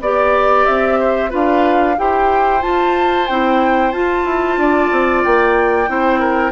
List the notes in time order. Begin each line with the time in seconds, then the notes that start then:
0.00 B3 G4 D5
0.65 C4 E5
0.99 C5
1.30 D4 F4 B4 F5
1.97 E4 G4 C5 G5
2.60 F4 A5
3.26 C4 E4 G5
3.91 F4 A5
4.25 E4
4.57 D4 D5
4.91 C4
5.24 A#3 G5
5.87 C4 E4 C5
6.19 A#4